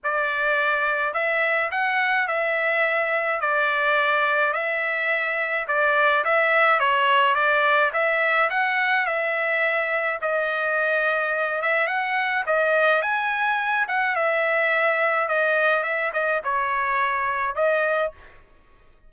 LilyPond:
\new Staff \with { instrumentName = "trumpet" } { \time 4/4 \tempo 4 = 106 d''2 e''4 fis''4 | e''2 d''2 | e''2 d''4 e''4 | cis''4 d''4 e''4 fis''4 |
e''2 dis''2~ | dis''8 e''8 fis''4 dis''4 gis''4~ | gis''8 fis''8 e''2 dis''4 | e''8 dis''8 cis''2 dis''4 | }